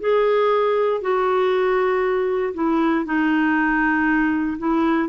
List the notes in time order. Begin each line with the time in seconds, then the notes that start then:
0.00 G#4
1.01 F#4
2.54 E4
3.06 D#4
4.59 E4